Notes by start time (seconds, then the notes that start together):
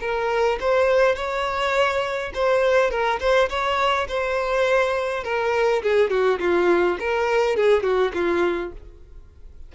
0.00 A#4
0.60 C5
1.15 C#5
2.34 C5
2.90 A#4
3.20 C5
3.49 C#5
4.08 C5
5.24 A#4
5.82 G#4
6.10 F#4
6.39 F4
7.00 A#4
7.56 G#4
7.83 F#4
8.14 F4